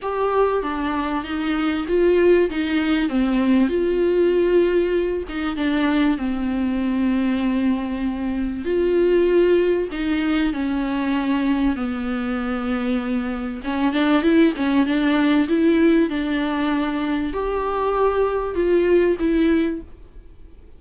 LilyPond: \new Staff \with { instrumentName = "viola" } { \time 4/4 \tempo 4 = 97 g'4 d'4 dis'4 f'4 | dis'4 c'4 f'2~ | f'8 dis'8 d'4 c'2~ | c'2 f'2 |
dis'4 cis'2 b4~ | b2 cis'8 d'8 e'8 cis'8 | d'4 e'4 d'2 | g'2 f'4 e'4 | }